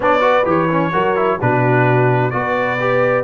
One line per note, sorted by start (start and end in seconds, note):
0.00 0.45 B3
0.00 0.20 D4
0.00 0.21 C#5
0.00 0.48 D5
0.20 0.43 F#4
0.20 0.91 B4
0.45 0.92 E3
0.45 0.68 G4
0.45 1.40 C#5
0.70 0.92 C#4
0.92 1.40 F#3
0.92 1.15 F#4
0.92 1.38 A#4
1.16 1.39 E4
1.40 2.33 B2
1.40 2.31 D4
1.40 2.34 F#4
1.40 2.30 B4
2.30 3.23 B3
2.30 2.78 F#4
2.30 3.23 B4
2.30 3.23 D5
2.80 3.23 G4